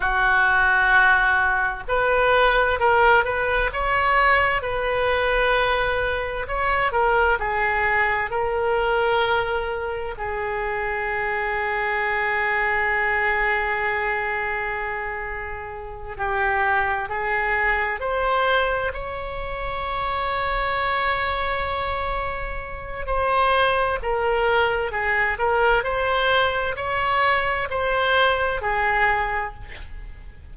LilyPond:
\new Staff \with { instrumentName = "oboe" } { \time 4/4 \tempo 4 = 65 fis'2 b'4 ais'8 b'8 | cis''4 b'2 cis''8 ais'8 | gis'4 ais'2 gis'4~ | gis'1~ |
gis'4. g'4 gis'4 c''8~ | c''8 cis''2.~ cis''8~ | cis''4 c''4 ais'4 gis'8 ais'8 | c''4 cis''4 c''4 gis'4 | }